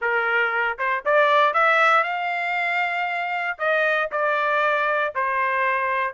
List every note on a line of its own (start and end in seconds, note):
0.01 0.78 A#4
0.78 1.04 C5
1.05 1.53 D5
1.53 2.03 E5
2.03 3.57 F5
3.58 4.09 D#5
4.11 5.14 D5
5.14 6.13 C5